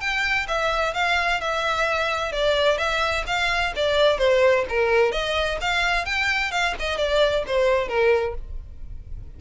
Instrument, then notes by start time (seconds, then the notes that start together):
violin
0.00 G5
0.48 E5
0.94 F5
1.40 E5
2.32 D5
2.78 E5
3.26 F5
3.76 D5
4.18 C5
4.69 A#4
5.12 D#5
5.61 F5
6.05 G5
6.51 F5
6.79 D#5
6.97 D5
7.47 C5
7.88 A#4